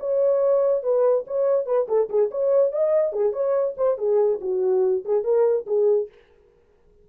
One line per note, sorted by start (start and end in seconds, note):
0.00 0.83 C#5
0.83 1.25 B4
1.27 1.66 C#5
1.66 1.87 B4
1.88 2.09 A4
2.10 2.31 G#4
2.31 2.73 C#5
2.73 3.13 D#5
3.13 3.33 G#4
3.33 3.75 C#5
3.77 3.98 C5
3.98 4.40 G#4
4.42 5.04 F#4
5.05 5.24 G#4
5.24 5.66 A#4
5.67 6.09 G#4